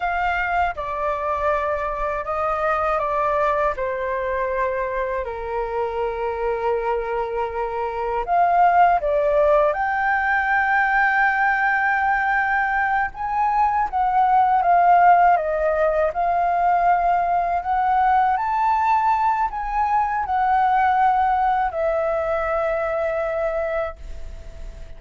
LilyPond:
\new Staff \with { instrumentName = "flute" } { \time 4/4 \tempo 4 = 80 f''4 d''2 dis''4 | d''4 c''2 ais'4~ | ais'2. f''4 | d''4 g''2.~ |
g''4. gis''4 fis''4 f''8~ | f''8 dis''4 f''2 fis''8~ | fis''8 a''4. gis''4 fis''4~ | fis''4 e''2. | }